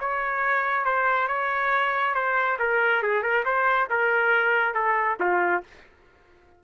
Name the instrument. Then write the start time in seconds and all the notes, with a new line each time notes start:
trumpet
0.00 C#5
0.85 C5
1.28 C#5
2.15 C5
2.59 A#4
3.03 G#4
3.23 A#4
3.45 C5
3.90 A#4
4.75 A4
5.20 F4